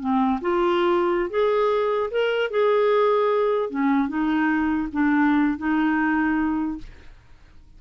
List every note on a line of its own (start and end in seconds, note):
0.00 0.40 C4
0.41 1.30 F4
1.30 2.10 G#4
2.11 2.50 A#4
2.50 3.70 G#4
3.70 4.08 C#4
4.08 4.88 D#4
4.93 5.58 D4
5.58 6.78 D#4